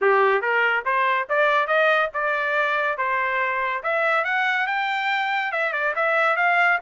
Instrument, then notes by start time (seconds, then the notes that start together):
trumpet
0.01 G4
0.41 A#4
0.85 C5
1.29 D5
1.67 D#5
2.13 D5
2.97 C5
3.83 E5
4.24 F#5
4.66 G5
5.52 E5
5.72 D5
5.95 E5
6.36 F5